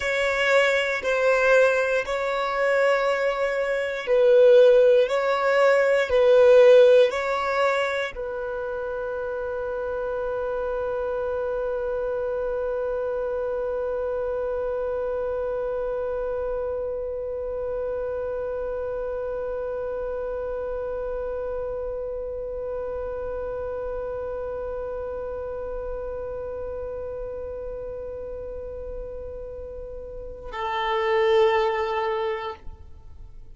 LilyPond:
\new Staff \with { instrumentName = "violin" } { \time 4/4 \tempo 4 = 59 cis''4 c''4 cis''2 | b'4 cis''4 b'4 cis''4 | b'1~ | b'1~ |
b'1~ | b'1~ | b'1~ | b'2 a'2 | }